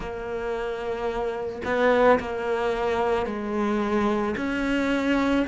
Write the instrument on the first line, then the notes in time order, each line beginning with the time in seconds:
cello
0.00 A#3
1.64 B3
2.19 A#3
3.26 G#3
4.36 C#4